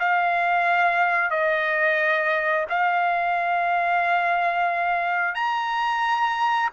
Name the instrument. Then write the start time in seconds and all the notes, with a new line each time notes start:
trumpet
0.00 F5
1.31 D#5
2.70 F5
5.35 A#5